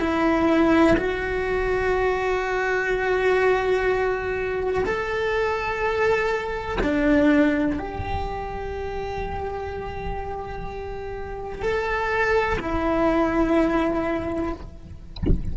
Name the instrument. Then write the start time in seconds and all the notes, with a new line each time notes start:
cello
0.00 E4
0.97 F#4
4.85 A4
6.83 D4
7.79 G4
11.62 A4
12.59 E4